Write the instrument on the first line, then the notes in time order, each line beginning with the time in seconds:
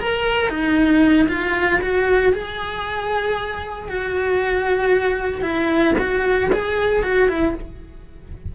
cello
0.00 A#4
0.49 D#4
1.28 F4
1.81 F#4
2.33 G#4
3.88 F#4
5.42 E4
5.98 F#4
6.52 G#4
7.03 F#4
7.28 E4